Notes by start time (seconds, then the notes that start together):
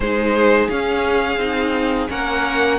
0.00 G#3 D#4 G#4 C5
0.69 C#4 F5
1.37 C4 D#4
2.08 A#3 C#4 A#4 F#5